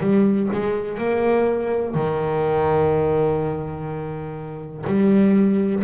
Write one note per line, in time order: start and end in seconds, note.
0.00 0.48 G3
0.52 0.97 G#3
0.97 1.94 A#3
1.94 4.84 D#3
4.86 5.83 G3